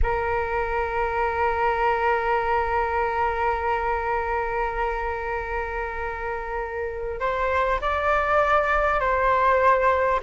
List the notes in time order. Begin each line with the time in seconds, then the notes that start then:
0.02 A#4
7.20 C5
7.81 D5
9.00 C5